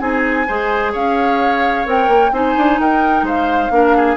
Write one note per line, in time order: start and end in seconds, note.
0.00 0.47 C4
0.00 0.47 D#4
0.00 0.48 G#4
0.00 0.93 G#5
0.48 0.95 G#3
0.48 1.86 G#4
0.48 0.93 C5
0.93 1.87 C#4
0.93 2.32 C#5
0.93 1.88 F5
1.86 2.08 C4
1.86 2.32 A#4
1.86 2.34 G5
2.08 2.31 A#3
2.32 2.55 C4
2.32 3.71 D#4
2.32 2.81 C5
2.32 2.81 G#5
2.58 2.79 D4
2.79 3.23 D#4
2.79 3.25 A#4
2.79 3.27 G5
3.23 3.69 G#3
3.23 3.72 C5
3.23 4.17 F5
3.71 4.17 A#3
3.71 4.17 D4
3.71 3.97 A#4
3.97 4.17 G#4